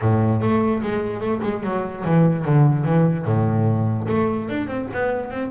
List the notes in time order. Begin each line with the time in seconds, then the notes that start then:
0.01 A2
0.41 A3
0.82 G#3
1.20 A3
1.42 G#3
1.63 F#3
2.04 E3
2.44 D3
2.84 E3
3.25 A2
4.08 A3
4.49 D4
4.67 C4
4.93 B3
5.30 C4